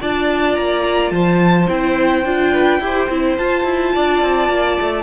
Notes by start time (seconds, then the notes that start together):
0.00 D4 F4 D5 A5
0.55 A#3 A#5
1.10 F3 C5 A5
1.68 C4 E4 G5
2.25 D4 F4
2.52 B4
2.79 E4 G4 C5
3.09 C4 E4
3.37 F4 A5
3.64 E4
3.95 D4 D5
4.22 C4
4.49 A#3
4.80 A3